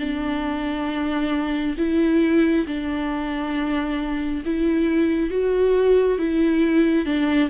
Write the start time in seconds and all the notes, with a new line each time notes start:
0.00 D4
1.78 E4
2.67 D4
4.46 E4
5.30 F#4
6.19 E4
7.06 D4